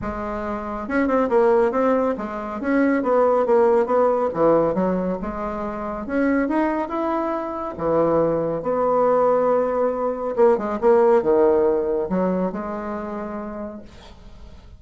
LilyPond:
\new Staff \with { instrumentName = "bassoon" } { \time 4/4 \tempo 4 = 139 gis2 cis'8 c'8 ais4 | c'4 gis4 cis'4 b4 | ais4 b4 e4 fis4 | gis2 cis'4 dis'4 |
e'2 e2 | b1 | ais8 gis8 ais4 dis2 | fis4 gis2. | }